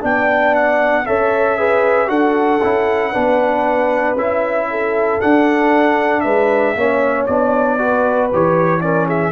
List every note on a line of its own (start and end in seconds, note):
0.00 1.06 B3
0.00 1.03 D4
0.00 1.05 D5
0.00 0.55 G5
0.55 1.06 F#5
1.06 2.08 C#4
1.06 1.58 A4
1.06 1.58 C#5
1.06 2.09 E5
1.58 2.06 G#4
1.58 2.08 B4
2.06 2.60 D4
2.06 2.58 F#4
2.06 3.11 A4
2.06 4.16 F#5
2.62 3.14 C#4
2.62 3.12 E4
3.12 4.14 B3
3.12 4.16 D4
3.12 4.67 B4
4.14 5.17 C#4
4.14 5.20 E4
4.14 5.20 E5
4.70 6.23 A4
5.20 6.75 D4
5.20 6.24 D4
5.20 6.20 F#5
6.20 6.75 G#3
6.20 6.74 B4
6.20 7.23 E5
6.75 7.27 A#3
6.75 7.28 C#4
6.75 7.79 C#5
7.26 8.31 B3
7.26 7.78 D4
7.26 8.29 D5
7.78 8.30 F#4
7.78 8.82 B4
8.32 9.31 E3
8.32 8.80 G4
8.32 8.80 C#5
8.80 9.31 C#4
8.80 9.06 A#4
8.80 9.06 D5
9.06 9.31 G#4
9.06 9.31 E5